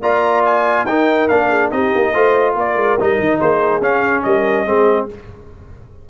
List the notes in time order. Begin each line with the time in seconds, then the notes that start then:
0.00 A#3 F4 D5 A#5
0.45 G#5
0.84 D#4 A#4 G5
1.28 A#3 D4 F5
1.49 G#4
1.71 C4 D#4 G4 D#5
1.95 A#3
2.13 A3 F4 C5
2.55 A#3 A#4 D5
2.75 G#3
3.00 G3 D#4 D#5
3.19 D#3
3.38 A#3 G#4 C5
3.81 C#4 F5
4.23 G3 A#4 D#5
4.65 G#3 C4 G#4